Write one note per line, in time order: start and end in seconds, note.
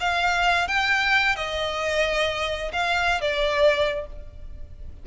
0.00 0.68 F5
0.68 1.35 G5
1.35 2.72 D#5
2.72 3.20 F5
3.20 4.06 D5